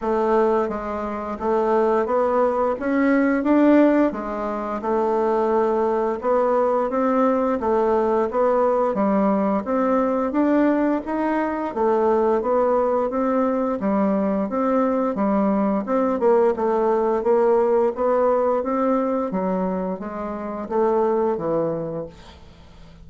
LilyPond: \new Staff \with { instrumentName = "bassoon" } { \time 4/4 \tempo 4 = 87 a4 gis4 a4 b4 | cis'4 d'4 gis4 a4~ | a4 b4 c'4 a4 | b4 g4 c'4 d'4 |
dis'4 a4 b4 c'4 | g4 c'4 g4 c'8 ais8 | a4 ais4 b4 c'4 | fis4 gis4 a4 e4 | }